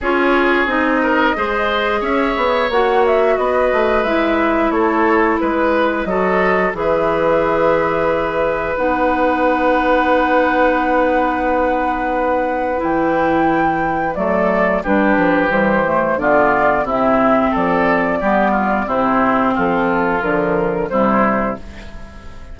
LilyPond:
<<
  \new Staff \with { instrumentName = "flute" } { \time 4/4 \tempo 4 = 89 cis''4 dis''2 e''4 | fis''8 e''8 dis''4 e''4 cis''4 | b'4 dis''4 e''2~ | e''4 fis''2.~ |
fis''2. g''4~ | g''4 d''4 b'4 c''4 | d''4 e''4 d''2 | c''4 a'4 ais'4 c''4 | }
  \new Staff \with { instrumentName = "oboe" } { \time 4/4 gis'4. ais'8 c''4 cis''4~ | cis''4 b'2 a'4 | b'4 a'4 b'2~ | b'1~ |
b'1~ | b'4 a'4 g'2 | f'4 e'4 a'4 g'8 f'8 | e'4 f'2 e'4 | }
  \new Staff \with { instrumentName = "clarinet" } { \time 4/4 f'4 dis'4 gis'2 | fis'2 e'2~ | e'4 fis'4 gis'2~ | gis'4 dis'2.~ |
dis'2. e'4~ | e'4 a4 d'4 g8 a8 | b4 c'2 b4 | c'2 f4 g4 | }
  \new Staff \with { instrumentName = "bassoon" } { \time 4/4 cis'4 c'4 gis4 cis'8 b8 | ais4 b8 a8 gis4 a4 | gis4 fis4 e2~ | e4 b2.~ |
b2. e4~ | e4 fis4 g8 f8 e4 | d4 c4 f4 g4 | c4 f4 d4 c4 | }
>>